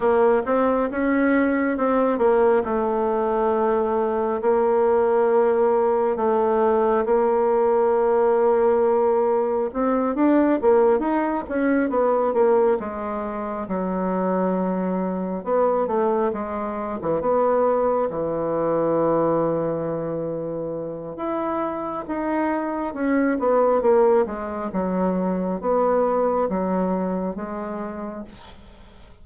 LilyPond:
\new Staff \with { instrumentName = "bassoon" } { \time 4/4 \tempo 4 = 68 ais8 c'8 cis'4 c'8 ais8 a4~ | a4 ais2 a4 | ais2. c'8 d'8 | ais8 dis'8 cis'8 b8 ais8 gis4 fis8~ |
fis4. b8 a8 gis8. e16 b8~ | b8 e2.~ e8 | e'4 dis'4 cis'8 b8 ais8 gis8 | fis4 b4 fis4 gis4 | }